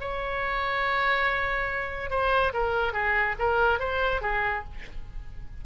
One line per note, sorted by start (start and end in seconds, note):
0.00 2.10 C#5
2.10 2.52 C5
2.53 2.93 A#4
2.93 3.35 G#4
3.39 3.79 A#4
3.79 4.21 C5
4.21 4.64 G#4